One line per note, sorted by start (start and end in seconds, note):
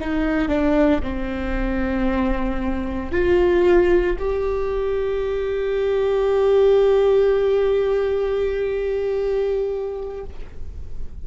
0.00 0.49 D#4
0.49 1.01 D4
1.02 3.11 C4
3.11 4.17 F4
4.19 10.24 G4